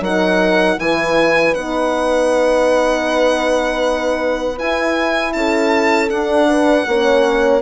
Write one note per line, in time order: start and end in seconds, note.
0.00 0.76 F#3
0.00 0.78 D#4
0.00 0.78 A#4
0.00 0.79 F#5
0.78 1.55 E3
0.78 1.53 E4
0.78 5.36 B4
0.78 1.54 G#5
1.54 4.59 B3
1.54 4.58 D#4
1.54 4.58 F#5
4.58 6.08 E4
4.58 5.34 E4
4.58 5.33 G#5
5.33 6.10 C#4
5.33 6.48 A4
5.33 6.09 A5
6.08 6.84 D4
6.08 6.87 D4
6.08 7.61 F#5
6.48 6.86 B4
6.87 7.61 A#3
6.87 7.61 C#4
6.87 7.61 C#5